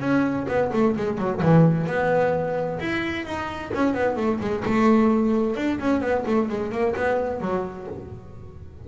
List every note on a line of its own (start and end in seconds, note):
0.00 0.46 C#4
0.48 0.71 B3
0.73 0.96 A3
0.97 1.18 G#3
1.18 1.41 F#3
1.42 1.87 E3
1.87 2.79 B3
2.80 3.25 E4
3.25 3.71 D#4
3.74 3.94 C#4
3.94 4.17 B3
4.17 4.40 A3
4.41 4.64 G#3
4.65 5.56 A3
5.56 5.79 D4
5.80 6.01 C#4
6.01 6.25 B3
6.26 6.49 A3
6.49 6.72 G#3
6.72 6.95 A#3
6.96 7.41 B3
7.41 7.87 F#3